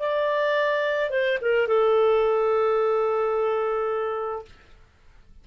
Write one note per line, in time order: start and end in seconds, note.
0.00 1.11 D5
1.11 1.39 C5
1.42 1.68 A#4
1.68 4.46 A4